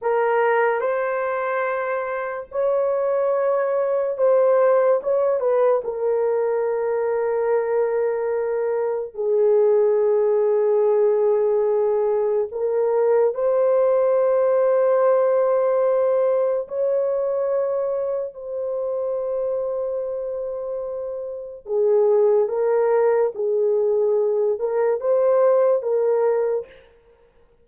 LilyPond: \new Staff \with { instrumentName = "horn" } { \time 4/4 \tempo 4 = 72 ais'4 c''2 cis''4~ | cis''4 c''4 cis''8 b'8 ais'4~ | ais'2. gis'4~ | gis'2. ais'4 |
c''1 | cis''2 c''2~ | c''2 gis'4 ais'4 | gis'4. ais'8 c''4 ais'4 | }